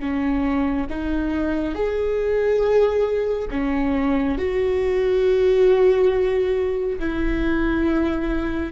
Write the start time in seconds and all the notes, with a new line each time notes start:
0.00 C#4
0.90 D#4
1.75 G#4
3.51 C#4
4.38 F#4
7.00 E4